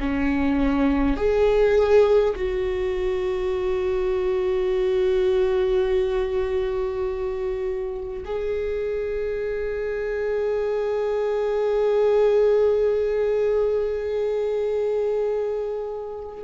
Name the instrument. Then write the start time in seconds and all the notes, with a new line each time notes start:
viola
0.00 C#4
1.17 G#4
2.35 F#4
8.25 G#4